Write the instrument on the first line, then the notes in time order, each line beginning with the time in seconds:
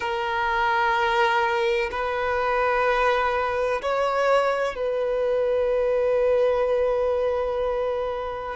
violin
0.00 A#4
1.91 B4
3.81 C#5
4.74 B4